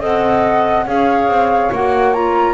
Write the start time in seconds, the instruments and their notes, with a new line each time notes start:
0.00 double bass C4, clarinet A4, flute D#5 F#5
0.85 double bass C#4, clarinet G#4, flute C#5 F5
1.28 double bass C4
1.72 double bass A#3, clarinet F#4, flute F#5
2.14 clarinet F4, flute A#5